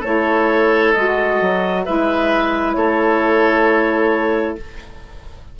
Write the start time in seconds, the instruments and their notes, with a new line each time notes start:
0.00 bassoon A3, saxophone E4, oboe A4, clarinet C#5
0.93 bassoon G#3, saxophone F#4, clarinet D#5
1.41 bassoon F#3
1.85 bassoon G#3, saxophone E4, oboe B4, clarinet E5
2.74 bassoon A3, oboe A4, clarinet C#5